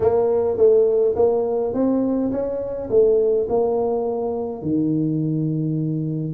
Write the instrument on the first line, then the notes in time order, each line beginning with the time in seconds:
tuba
0.00 A#3
0.57 A3
1.15 A#3
1.73 C4
2.31 C#4
2.90 A3
3.49 A#3
4.62 D#3